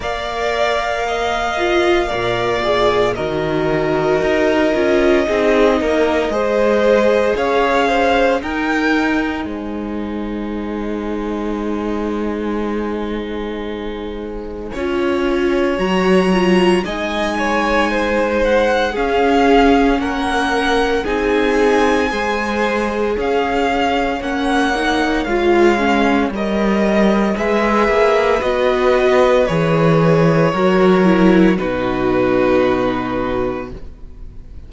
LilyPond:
<<
  \new Staff \with { instrumentName = "violin" } { \time 4/4 \tempo 4 = 57 f''2. dis''4~ | dis''2. f''4 | g''4 gis''2.~ | gis''2. ais''4 |
gis''4. fis''8 f''4 fis''4 | gis''2 f''4 fis''4 | f''4 dis''4 e''4 dis''4 | cis''2 b'2 | }
  \new Staff \with { instrumentName = "violin" } { \time 4/4 d''4 dis''4 d''4 ais'4~ | ais'4 gis'8 ais'8 c''4 cis''8 c''8 | ais'4 c''2.~ | c''2 cis''2 |
dis''8 cis''8 c''4 gis'4 ais'4 | gis'4 c''4 cis''2~ | cis''2 b'2~ | b'4 ais'4 fis'2 | }
  \new Staff \with { instrumentName = "viola" } { \time 4/4 ais'4. f'8 ais'8 gis'8 fis'4~ | fis'8 f'8 dis'4 gis'2 | dis'1~ | dis'2 f'4 fis'8 f'8 |
dis'2 cis'2 | dis'4 gis'2 cis'8 dis'8 | f'8 cis'8 ais'4 gis'4 fis'4 | gis'4 fis'8 e'8 dis'2 | }
  \new Staff \with { instrumentName = "cello" } { \time 4/4 ais2 ais,4 dis4 | dis'8 cis'8 c'8 ais8 gis4 cis'4 | dis'4 gis2.~ | gis2 cis'4 fis4 |
gis2 cis'4 ais4 | c'4 gis4 cis'4 ais4 | gis4 g4 gis8 ais8 b4 | e4 fis4 b,2 | }
>>